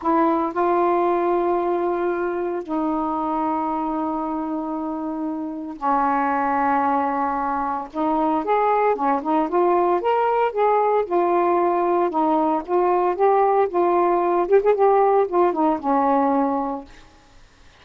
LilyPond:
\new Staff \with { instrumentName = "saxophone" } { \time 4/4 \tempo 4 = 114 e'4 f'2.~ | f'4 dis'2.~ | dis'2. cis'4~ | cis'2. dis'4 |
gis'4 cis'8 dis'8 f'4 ais'4 | gis'4 f'2 dis'4 | f'4 g'4 f'4. g'16 gis'16 | g'4 f'8 dis'8 cis'2 | }